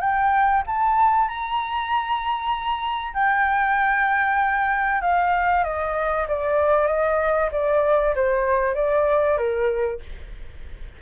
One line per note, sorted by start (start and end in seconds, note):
0.00 0.62 G5
0.66 1.28 A5
1.28 3.14 A#5
3.14 5.01 G5
5.01 5.63 F5
5.63 6.26 D#5
6.28 6.87 D5
6.87 7.49 D#5
7.52 8.14 D5
8.15 8.74 C5
8.74 9.37 D5
9.37 10.00 A#4